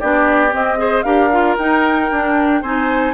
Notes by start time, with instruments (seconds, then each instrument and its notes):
0.00 bassoon B3, clarinet D4, oboe G4, flute D5
0.51 clarinet C4, bassoon C4, flute D#5
0.77 clarinet G#4, oboe C5
1.03 bassoon D4, clarinet G4, oboe A#4, flute F5
1.32 clarinet F4
1.58 bassoon D#4, clarinet D#4, flute G5
2.11 bassoon D4, clarinet D4
2.62 bassoon C4, clarinet D#4, oboe C5, flute G#5